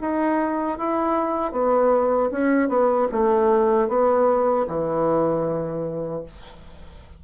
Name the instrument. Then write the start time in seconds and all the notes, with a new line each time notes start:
bassoon
0.00 D#4
0.78 E4
1.52 B3
2.31 C#4
2.68 B3
3.11 A3
3.88 B3
4.67 E3